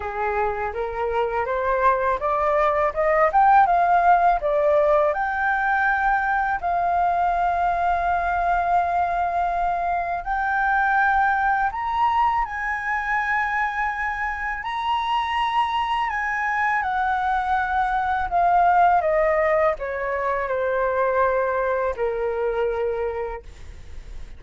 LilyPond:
\new Staff \with { instrumentName = "flute" } { \time 4/4 \tempo 4 = 82 gis'4 ais'4 c''4 d''4 | dis''8 g''8 f''4 d''4 g''4~ | g''4 f''2.~ | f''2 g''2 |
ais''4 gis''2. | ais''2 gis''4 fis''4~ | fis''4 f''4 dis''4 cis''4 | c''2 ais'2 | }